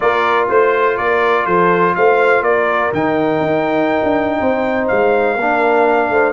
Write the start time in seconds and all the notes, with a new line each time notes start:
0.00 A#3 F4 A#4 D5
0.48 A3 C5
0.97 A#3 A#4 D5
1.45 F3 A4 C5
1.95 A3 C5 F5
2.41 A#3 A#4 D5
2.93 D#3 D#4 G5
3.40 D#4
4.03 D4
4.38 C4 C5
4.87 G#3 F5
5.35 A#3 D4 A#4
6.09 A3 C5